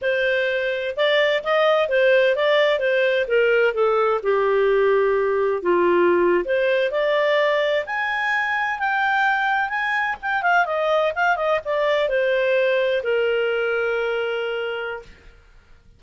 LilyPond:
\new Staff \with { instrumentName = "clarinet" } { \time 4/4 \tempo 4 = 128 c''2 d''4 dis''4 | c''4 d''4 c''4 ais'4 | a'4 g'2. | f'4.~ f'16 c''4 d''4~ d''16~ |
d''8. gis''2 g''4~ g''16~ | g''8. gis''4 g''8 f''8 dis''4 f''16~ | f''16 dis''8 d''4 c''2 ais'16~ | ais'1 | }